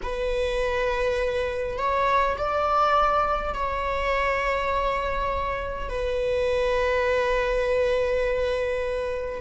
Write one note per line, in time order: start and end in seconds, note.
0.02 1.78 B4
1.78 2.36 C#5
2.37 3.53 D5
3.53 5.89 C#5
5.89 9.41 B4